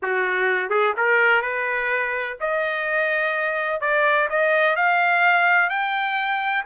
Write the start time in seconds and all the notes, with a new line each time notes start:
0.02 F#4
0.69 G#4
0.97 A#4
1.42 B4
2.40 D#5
3.80 D5
4.29 D#5
4.76 F5
5.69 G5